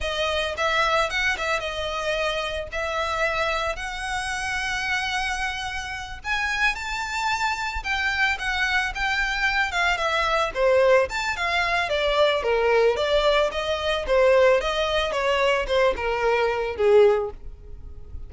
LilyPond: \new Staff \with { instrumentName = "violin" } { \time 4/4 \tempo 4 = 111 dis''4 e''4 fis''8 e''8 dis''4~ | dis''4 e''2 fis''4~ | fis''2.~ fis''8 gis''8~ | gis''8 a''2 g''4 fis''8~ |
fis''8 g''4. f''8 e''4 c''8~ | c''8 a''8 f''4 d''4 ais'4 | d''4 dis''4 c''4 dis''4 | cis''4 c''8 ais'4. gis'4 | }